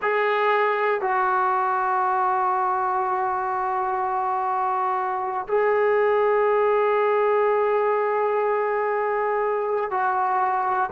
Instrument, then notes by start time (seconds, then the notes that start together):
trombone
0.02 G#4
1.01 F#4
5.47 G#4
9.90 F#4